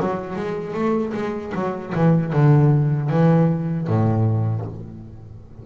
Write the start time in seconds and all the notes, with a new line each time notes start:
0.00 F#3
0.35 G#3
0.74 A3
1.14 G#3
1.54 F#3
1.94 E3
2.32 D3
3.09 E3
3.87 A2